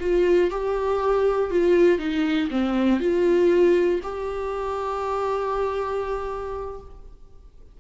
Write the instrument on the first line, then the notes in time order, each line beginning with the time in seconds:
viola
0.00 F4
0.50 G4
1.51 F4
1.98 D#4
2.50 C4
3.00 F4
4.03 G4